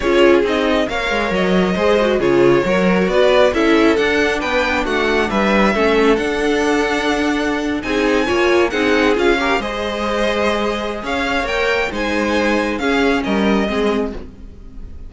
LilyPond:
<<
  \new Staff \with { instrumentName = "violin" } { \time 4/4 \tempo 4 = 136 cis''4 dis''4 f''4 dis''4~ | dis''4 cis''2 d''4 | e''4 fis''4 g''4 fis''4 | e''2 fis''2~ |
fis''4.~ fis''16 gis''2 fis''16~ | fis''8. f''4 dis''2~ dis''16~ | dis''4 f''4 g''4 gis''4~ | gis''4 f''4 dis''2 | }
  \new Staff \with { instrumentName = "violin" } { \time 4/4 gis'2 cis''2 | c''4 gis'4 ais'4 b'4 | a'2 b'4 fis'4 | b'4 a'2.~ |
a'4.~ a'16 gis'4 cis''4 gis'16~ | gis'4~ gis'16 ais'8 c''2~ c''16~ | c''4 cis''2 c''4~ | c''4 gis'4 ais'4 gis'4 | }
  \new Staff \with { instrumentName = "viola" } { \time 4/4 f'4 dis'4 ais'2 | gis'8 fis'8 f'4 fis'2 | e'4 d'2.~ | d'4 cis'4 d'2~ |
d'4.~ d'16 dis'4 f'4 dis'16~ | dis'8. f'8 g'8 gis'2~ gis'16~ | gis'2 ais'4 dis'4~ | dis'4 cis'2 c'4 | }
  \new Staff \with { instrumentName = "cello" } { \time 4/4 cis'4 c'4 ais8 gis8 fis4 | gis4 cis4 fis4 b4 | cis'4 d'4 b4 a4 | g4 a4 d'2~ |
d'4.~ d'16 c'4 ais4 c'16~ | c'8. cis'4 gis2~ gis16~ | gis4 cis'4 ais4 gis4~ | gis4 cis'4 g4 gis4 | }
>>